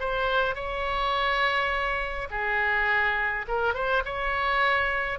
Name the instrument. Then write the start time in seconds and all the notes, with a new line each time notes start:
oboe
0.00 C5
0.55 C#5
2.31 G#4
3.48 A#4
3.74 C5
4.05 C#5